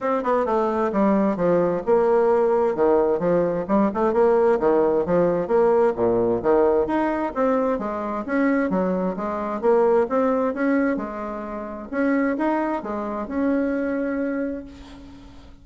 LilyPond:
\new Staff \with { instrumentName = "bassoon" } { \time 4/4 \tempo 4 = 131 c'8 b8 a4 g4 f4 | ais2 dis4 f4 | g8 a8 ais4 dis4 f4 | ais4 ais,4 dis4 dis'4 |
c'4 gis4 cis'4 fis4 | gis4 ais4 c'4 cis'4 | gis2 cis'4 dis'4 | gis4 cis'2. | }